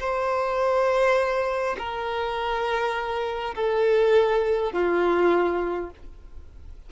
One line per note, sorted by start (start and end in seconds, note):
0.00 1.76 C5
1.79 3.55 A#4
3.55 4.73 A4
4.73 5.90 F4